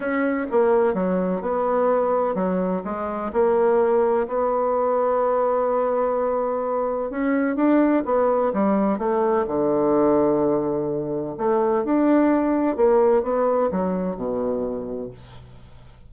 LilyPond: \new Staff \with { instrumentName = "bassoon" } { \time 4/4 \tempo 4 = 127 cis'4 ais4 fis4 b4~ | b4 fis4 gis4 ais4~ | ais4 b2.~ | b2. cis'4 |
d'4 b4 g4 a4 | d1 | a4 d'2 ais4 | b4 fis4 b,2 | }